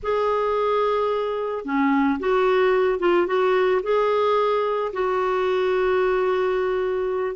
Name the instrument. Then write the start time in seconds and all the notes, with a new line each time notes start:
clarinet
0.02 G#4
1.64 C#4
2.19 F#4
2.99 F4
3.27 F#4
3.83 G#4
4.92 F#4